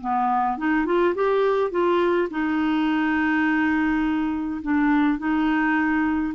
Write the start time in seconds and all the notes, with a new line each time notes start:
0.00 B3
0.57 D#4
0.85 F4
1.14 G4
1.70 F4
2.30 D#4
4.62 D4
5.18 D#4